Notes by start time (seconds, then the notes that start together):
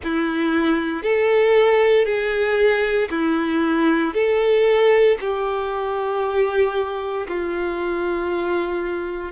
0.03 E4
1.03 A4
2.05 G#4
3.10 E4
4.14 A4
5.20 G4
7.27 F4